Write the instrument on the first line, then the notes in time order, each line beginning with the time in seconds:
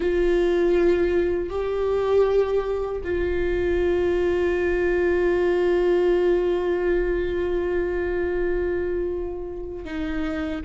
viola
0.00 F4
1.49 G4
3.04 F4
9.84 D#4